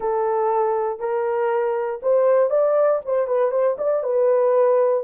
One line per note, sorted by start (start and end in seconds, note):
0.00 0.99 A4
0.99 2.00 A#4
2.02 2.50 C5
2.50 3.00 D5
3.05 3.27 C5
3.27 3.51 B4
3.51 3.76 C5
3.78 4.03 D5
4.03 5.03 B4